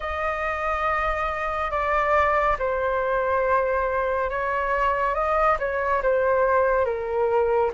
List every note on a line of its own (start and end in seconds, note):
0.00 1.71 D#5
1.71 2.56 D5
2.58 4.30 C5
4.30 5.14 C#5
5.14 5.57 D#5
5.59 6.02 C#5
6.02 6.85 C5
6.85 7.71 A#4